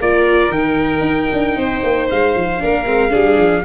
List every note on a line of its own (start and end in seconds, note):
0.00 0.49 A#3
0.00 0.54 F4
0.00 1.58 A#4
0.00 0.52 D5
0.49 1.00 D#3
0.49 2.59 D#4
0.49 2.08 G5
1.00 1.27 D#4
1.32 1.56 D4
1.56 1.82 C4
1.56 2.62 C5
1.83 2.09 A#3
2.10 2.36 G#3
2.10 3.65 F5
2.36 2.62 F3
2.59 2.86 A#3
2.59 2.85 D4
2.59 3.10 A#4
2.86 3.12 G#3
2.86 3.10 C4
3.10 3.38 G3
3.10 3.62 D4
3.10 3.63 G#4
3.38 3.64 F3